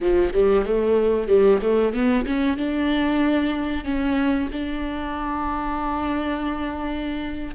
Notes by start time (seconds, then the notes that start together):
0.00 F3
0.33 G3
0.65 A3
1.28 G3
1.61 A3
1.93 B3
2.26 C#4
2.57 D4
3.84 C#4
4.52 D4